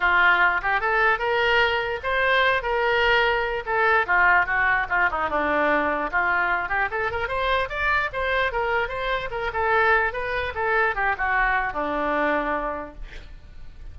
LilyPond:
\new Staff \with { instrumentName = "oboe" } { \time 4/4 \tempo 4 = 148 f'4. g'8 a'4 ais'4~ | ais'4 c''4. ais'4.~ | ais'4 a'4 f'4 fis'4 | f'8 dis'8 d'2 f'4~ |
f'8 g'8 a'8 ais'8 c''4 d''4 | c''4 ais'4 c''4 ais'8 a'8~ | a'4 b'4 a'4 g'8 fis'8~ | fis'4 d'2. | }